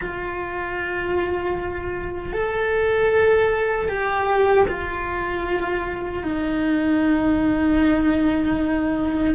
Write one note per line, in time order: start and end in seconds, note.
0.01 2.32 F4
2.32 3.88 A4
3.88 4.66 G4
4.68 6.23 F4
6.23 9.34 D#4